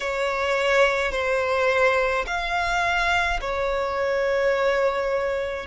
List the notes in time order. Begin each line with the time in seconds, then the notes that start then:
0.00 C#5
1.12 C5
2.26 F5
3.40 C#5